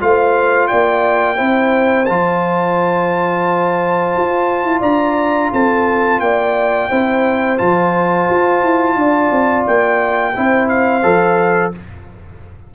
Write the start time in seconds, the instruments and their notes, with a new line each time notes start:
0.00 tuba A3, trombone F4, horn C5, trumpet F5
0.68 tuba A#3, horn D5, trumpet G5
1.36 tuba C4, trombone E4, horn C5
2.05 tuba F3, trombone F4, trumpet A5
4.16 tuba F4
4.64 tuba E4
4.79 tuba D4, horn D5, trumpet A#5
5.53 tuba C4, horn A4, trumpet A5
6.20 tuba A#3, horn D5, trumpet G5
6.90 tuba C4, trombone E4, horn C5
7.58 tuba F3, trombone F4, trumpet A5
8.30 tuba F4
8.63 tuba E4
8.96 tuba D4, horn D5
9.31 tuba C4
9.67 tuba A#3, trumpet G5
10.36 tuba C4, trombone E4, horn C5
10.69 trumpet F5
11.03 tuba F3, trombone A4